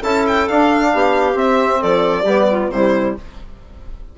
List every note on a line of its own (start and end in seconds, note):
0.00 0.48 C#4
0.00 0.49 E4
0.00 0.90 A4
0.00 0.26 A5
0.27 0.48 G5
0.48 1.34 D4
0.48 0.94 D4
0.48 1.38 F5
0.94 1.35 B3
0.94 1.80 G4
1.34 2.24 C4
1.34 1.80 C4
1.34 1.82 E5
1.80 2.24 F3
1.80 2.23 A4
1.80 2.71 D5
2.23 2.69 G3
2.23 2.72 B3
2.23 2.45 G4
2.50 2.72 F4
2.70 3.14 C3
2.70 3.18 G3
2.70 3.17 E4
2.70 3.16 C5